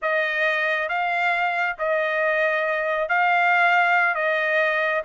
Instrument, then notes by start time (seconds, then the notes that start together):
trumpet
0.02 D#5
0.89 F5
1.78 D#5
3.08 F5
4.15 D#5